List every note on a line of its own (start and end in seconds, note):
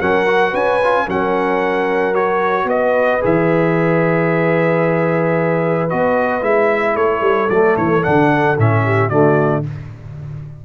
0.00 0.53 F#3
0.00 0.27 C#4
0.00 0.51 A#4
0.00 0.55 F#5
0.27 0.80 F#4
0.51 1.07 C#4
0.51 1.05 B4
0.51 1.09 G#5
0.84 1.08 F4
1.05 2.65 F#3
1.05 2.14 C#4
1.05 2.66 A#4
1.05 2.15 F#5
2.14 3.21 F#4
2.14 2.69 C#5
2.65 3.19 B3
2.65 6.95 B4
2.65 3.23 D#5
3.21 5.93 E3
3.21 5.89 G#4
3.21 5.90 E5
5.90 6.42 B3
5.90 6.42 F#4
5.90 6.44 D#5
6.42 6.96 G#3
6.42 7.49 E4
6.42 6.97 E5
6.96 7.22 A3
6.96 8.85 A4
6.96 7.50 C#5
7.22 7.48 G3
7.50 7.77 F#3
7.50 8.03 A3
7.50 7.77 D5
7.77 8.05 E3
7.77 8.03 C#5
8.03 8.58 D3
8.03 8.57 D4
8.03 8.57 F#5
8.58 9.12 A2
8.58 9.11 C#4
8.58 9.10 E5
8.85 9.09 G4
9.09 9.65 D3
9.09 9.64 A3
9.09 9.62 F#4
9.09 9.63 D5